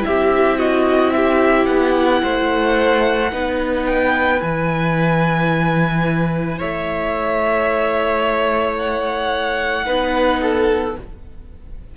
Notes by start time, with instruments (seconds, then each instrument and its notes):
0.00 viola E4, violin E5
0.06 cello C4, violin G4
0.58 violin F#4 D#5
1.11 violin G4 E5
1.66 cello B3, violin F#5
2.22 cello A3, violin C5
3.32 cello B3, viola D#4, violin B4
3.86 violin G5
4.39 cello E3, viola E4, violin G#5
6.58 cello A3, violin C#5 E5
8.77 violin F#5
9.85 cello B3, viola D#4, violin B4
10.42 violin A4